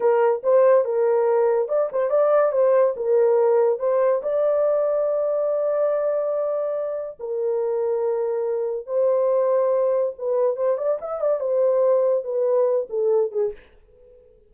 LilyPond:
\new Staff \with { instrumentName = "horn" } { \time 4/4 \tempo 4 = 142 ais'4 c''4 ais'2 | d''8 c''8 d''4 c''4 ais'4~ | ais'4 c''4 d''2~ | d''1~ |
d''4 ais'2.~ | ais'4 c''2. | b'4 c''8 d''8 e''8 d''8 c''4~ | c''4 b'4. a'4 gis'8 | }